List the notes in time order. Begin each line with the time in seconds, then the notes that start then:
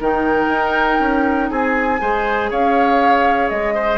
0.00 D#3 D#4 A#4 G5
0.48 D#4
1.00 C#4
1.50 C4 G#4 G#5
1.99 G#3 G#4 C5
2.51 C#4 C#5 F5
3.50 G#3 D#5
3.74 C5